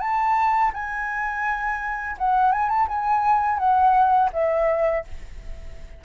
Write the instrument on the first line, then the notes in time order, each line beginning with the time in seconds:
flute
0.00 A5
0.73 G#5
2.18 F#5
2.52 G#5
2.69 A5
2.88 G#5
3.58 F#5
4.33 E5